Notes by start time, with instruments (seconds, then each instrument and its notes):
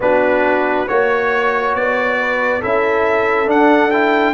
0.00 tuba B3, trombone D4, horn F#4, trumpet B4
0.87 tuba A#3, trombone F#4, horn C#5, trumpet C#5
1.74 tuba B3, trumpet D5
2.19 horn B4
2.60 tuba C#4, trombone E4, horn A4, trumpet E5
3.46 trombone D4, tuba D4, trumpet F#5
3.91 trombone E4, trumpet G5